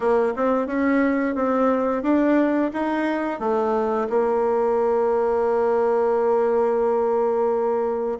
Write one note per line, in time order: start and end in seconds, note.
0.00 0.33 A#3
0.36 0.67 C4
0.67 1.35 C#4
1.35 2.03 C4
2.03 2.71 D4
2.73 3.39 D#4
3.39 4.07 A3
4.09 8.18 A#3